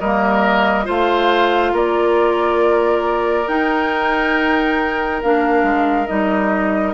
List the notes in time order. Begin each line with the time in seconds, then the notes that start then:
0.00 G3 A#3 A#4 D#5
0.84 A3 F4 C5
0.90 F5
1.73 A#3 A#4 D5
3.48 D#4 G5
5.22 A#3 D4 F5
5.63 G#3
6.07 G3 D#4 D#5